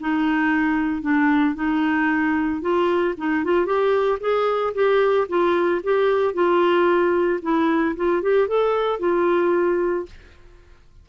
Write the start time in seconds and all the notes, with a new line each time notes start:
0.00 D#4
1.02 D4
1.55 D#4
2.61 F4
3.18 D#4
3.44 F4
3.66 G4
4.20 G#4
4.74 G4
5.28 F4
5.83 G4
6.34 F4
7.42 E4
7.96 F4
8.22 G4
8.48 A4
9.00 F4